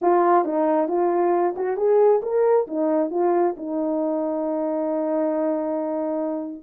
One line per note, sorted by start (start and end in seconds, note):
0.01 0.44 F4
0.44 0.88 D#4
0.88 1.54 F4
1.56 1.76 F#4
1.76 2.21 G#4
2.22 2.66 A#4
2.67 3.10 D#4
3.10 3.55 F4
3.57 6.62 D#4